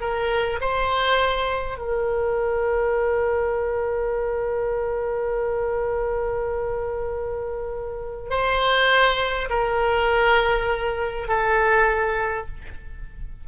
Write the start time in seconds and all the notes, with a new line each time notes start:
0.00 A#4
0.60 C5
1.78 A#4
8.30 C5
9.49 A#4
11.28 A4